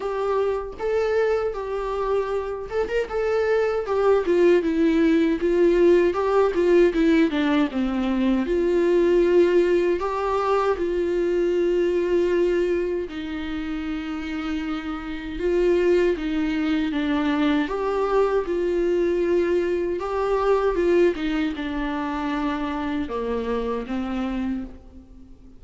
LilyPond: \new Staff \with { instrumentName = "viola" } { \time 4/4 \tempo 4 = 78 g'4 a'4 g'4. a'16 ais'16 | a'4 g'8 f'8 e'4 f'4 | g'8 f'8 e'8 d'8 c'4 f'4~ | f'4 g'4 f'2~ |
f'4 dis'2. | f'4 dis'4 d'4 g'4 | f'2 g'4 f'8 dis'8 | d'2 ais4 c'4 | }